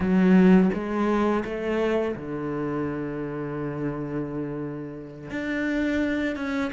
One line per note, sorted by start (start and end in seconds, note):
0.00 0.70 F#3
0.73 1.44 G#3
1.44 2.15 A3
2.15 5.30 D3
5.30 6.36 D4
6.36 6.71 C#4